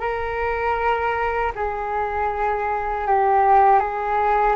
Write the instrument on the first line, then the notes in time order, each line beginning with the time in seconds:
flute
0.00 A#4
1.56 G#4
3.08 G4
3.80 G#4